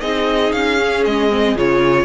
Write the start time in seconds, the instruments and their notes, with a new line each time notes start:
0.00 cello C4, viola D#4, violin G#4 D#5
0.52 cello C#4, violin F5
0.78 viola C#4
1.05 cello G#3, violin D#5
1.30 viola C4
1.55 cello C#3, viola F4, violin C#5